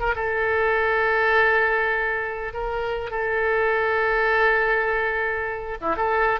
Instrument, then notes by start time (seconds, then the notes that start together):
oboe
0.00 A#4
0.16 A4
2.54 A#4
3.11 A4
5.81 E4
5.96 A4